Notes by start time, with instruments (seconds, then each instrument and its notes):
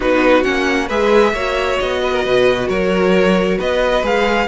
0.00 cello B3, viola D#4, violin F#4 B4
0.43 cello A#3, viola C#4, violin F#5
0.87 cello G#3, viola G#4, violin B4 E5
1.32 cello A#3, viola F#4, violin C#5
1.79 cello B3, violin D#5
2.02 violin B4
2.13 violin A#4
2.24 cello B2, violin B4
2.68 cello F#3, violin A#4 C#5
3.57 cello B3, violin B4 D#5
4.02 cello G#3, viola G#4, violin F5